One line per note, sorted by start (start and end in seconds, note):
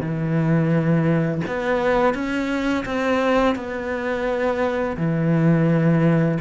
0.00 1.41 E3
1.47 2.14 B3
2.14 2.84 C#4
2.85 3.55 C4
3.55 4.96 B3
4.97 6.38 E3